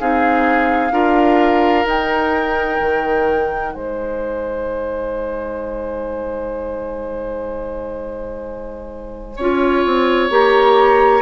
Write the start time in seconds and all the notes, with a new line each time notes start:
0.00 C4 D#4 G#4 F5
0.91 D4 F4 A#4
1.85 D#4 G5
2.80 D#3
3.74 G#3 C5 G#5
9.36 C#4 F4 C#5
9.86 C4
10.30 A#3 G4 A#5